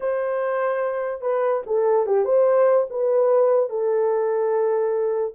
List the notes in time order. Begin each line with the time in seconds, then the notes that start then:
0.00 C5
1.21 B4
1.66 A4
2.06 G4
2.24 C5
2.90 B4
3.69 A4